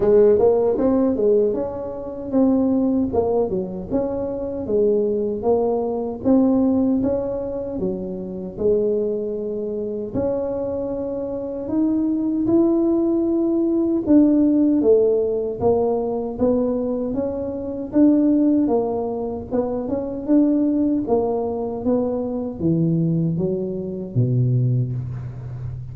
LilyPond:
\new Staff \with { instrumentName = "tuba" } { \time 4/4 \tempo 4 = 77 gis8 ais8 c'8 gis8 cis'4 c'4 | ais8 fis8 cis'4 gis4 ais4 | c'4 cis'4 fis4 gis4~ | gis4 cis'2 dis'4 |
e'2 d'4 a4 | ais4 b4 cis'4 d'4 | ais4 b8 cis'8 d'4 ais4 | b4 e4 fis4 b,4 | }